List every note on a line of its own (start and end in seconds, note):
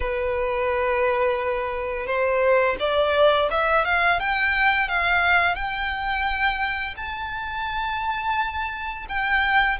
0.00 2.06 B4
2.06 2.76 C5
2.79 3.49 D5
3.51 3.84 E5
3.84 4.19 F5
4.19 4.88 G5
4.88 5.55 F5
5.55 6.95 G5
6.96 9.05 A5
9.08 9.78 G5